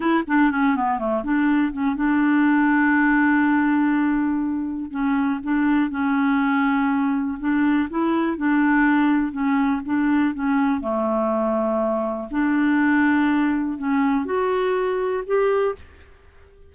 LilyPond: \new Staff \with { instrumentName = "clarinet" } { \time 4/4 \tempo 4 = 122 e'8 d'8 cis'8 b8 a8 d'4 cis'8 | d'1~ | d'2 cis'4 d'4 | cis'2. d'4 |
e'4 d'2 cis'4 | d'4 cis'4 a2~ | a4 d'2. | cis'4 fis'2 g'4 | }